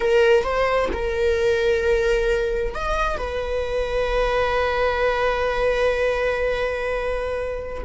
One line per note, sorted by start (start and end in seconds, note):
0.00 0.43 A#4
0.43 0.89 C5
0.92 2.74 A#4
2.74 3.17 D#5
3.17 7.83 B4